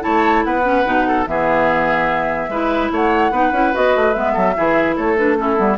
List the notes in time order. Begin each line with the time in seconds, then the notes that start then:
0.00 E4 C#5 A5
0.06 A3
0.44 B3 B4 F#5
0.63 C#4
0.85 B2 D#4
1.07 A4
1.27 E3 B3 G#4 E5
2.48 G#3 E4 B4
2.92 A3 C#5 F#5
3.31 B3 D#4 B4
3.51 C#4 E4
3.73 B3 F#4 D#5
3.96 A3
4.13 G#3 B3 E5
4.33 F#3 A4
4.55 E3 E4 G#4
4.95 A3 A4 C#5
5.17 D4 B4
5.35 C#4 E4 A4
5.56 G3 B3